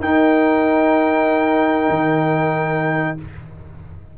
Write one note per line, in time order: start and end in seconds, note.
0.00 1.89 D#4
0.00 3.18 D#4
0.00 3.17 A#4
0.00 3.18 G5
1.89 3.16 D#3